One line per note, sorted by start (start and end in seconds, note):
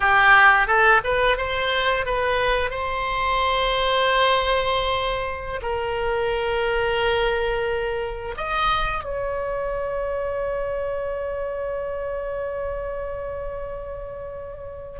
0.00 0.67 G4
0.67 1.01 A4
1.04 1.37 B4
1.37 2.05 C5
2.05 2.70 B4
2.70 5.60 C5
5.62 8.35 A#4
8.37 9.04 D#5
9.04 15.00 C#5